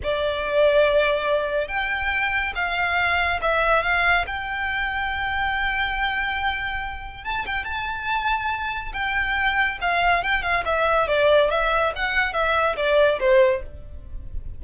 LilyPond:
\new Staff \with { instrumentName = "violin" } { \time 4/4 \tempo 4 = 141 d''1 | g''2 f''2 | e''4 f''4 g''2~ | g''1~ |
g''4 a''8 g''8 a''2~ | a''4 g''2 f''4 | g''8 f''8 e''4 d''4 e''4 | fis''4 e''4 d''4 c''4 | }